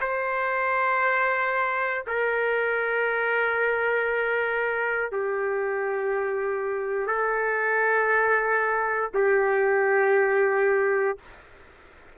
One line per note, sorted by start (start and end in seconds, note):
0.00 2.03 C5
2.07 5.11 A#4
5.11 7.06 G4
7.06 9.10 A4
9.14 11.17 G4